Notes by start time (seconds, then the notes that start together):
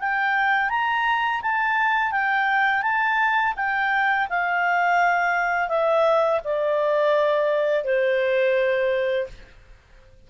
0.00 G5
0.70 A#5
1.42 A5
2.12 G5
2.83 A5
3.57 G5
4.30 F5
5.69 E5
6.45 D5
7.85 C5